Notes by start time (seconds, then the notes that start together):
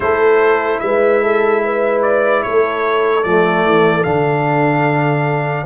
0.00 A3 E4 A4 C5
0.79 G#3 B4 E5
1.22 A4
1.64 B4
2.02 D5
2.42 A3 A4 C#5
3.23 F3 A3 D5
3.65 E3
4.03 D3 D4 F5